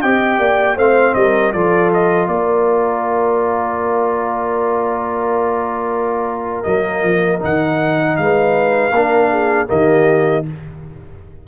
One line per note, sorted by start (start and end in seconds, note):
0.00 0.38 C4
0.00 0.78 G4
0.00 0.38 D#5
0.00 0.77 G5
0.38 0.75 A#3
0.38 0.76 D5
0.75 1.13 A3
0.75 1.53 C4
0.75 1.14 C5
0.75 1.14 F5
1.14 1.53 G3
1.14 1.53 A#4
1.14 1.52 D#5
1.52 2.27 F3
1.52 6.65 F4
1.52 2.29 A4
1.52 1.90 D5
1.93 2.27 D#5
2.27 6.64 A#3
2.27 8.19 A#4
2.27 6.63 D5
6.63 7.02 F#3
6.63 7.39 A#3
6.63 7.39 D#5
7.02 7.40 F3
7.39 8.18 D#3
7.39 8.91 D#4
7.39 8.16 F#5
8.16 8.91 G#3
8.16 8.94 B4
8.16 9.68 F5
8.91 9.67 A#3
8.91 9.67 D4
8.91 9.30 A#4
9.30 9.68 G#4
9.67 10.47 D#3
9.67 10.43 A#3
9.67 10.45 G4
9.67 10.45 D#5